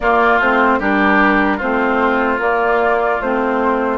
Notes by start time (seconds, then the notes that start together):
0.00 A#3 F4 D5
0.39 A3 C4 C5
0.79 G3 D4 G4 A#4
1.57 A3 C4 F4 C5
2.38 A#3 D5
3.21 A3 C4 C5